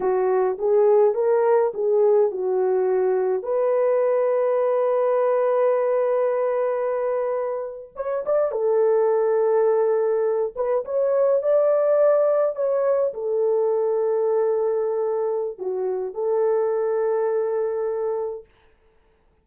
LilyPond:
\new Staff \with { instrumentName = "horn" } { \time 4/4 \tempo 4 = 104 fis'4 gis'4 ais'4 gis'4 | fis'2 b'2~ | b'1~ | b'4.~ b'16 cis''8 d''8 a'4~ a'16~ |
a'2~ a'16 b'8 cis''4 d''16~ | d''4.~ d''16 cis''4 a'4~ a'16~ | a'2. fis'4 | a'1 | }